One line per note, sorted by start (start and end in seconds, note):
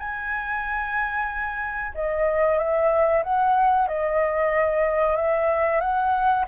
0.00 1.94 G#5
1.95 2.59 D#5
2.59 3.23 E5
3.24 3.88 F#5
3.89 5.17 D#5
5.17 5.81 E5
5.81 6.46 F#5